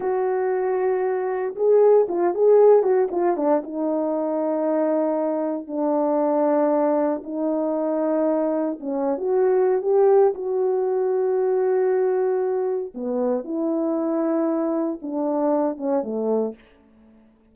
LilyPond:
\new Staff \with { instrumentName = "horn" } { \time 4/4 \tempo 4 = 116 fis'2. gis'4 | f'8 gis'4 fis'8 f'8 d'8 dis'4~ | dis'2. d'4~ | d'2 dis'2~ |
dis'4 cis'8. fis'4~ fis'16 g'4 | fis'1~ | fis'4 b4 e'2~ | e'4 d'4. cis'8 a4 | }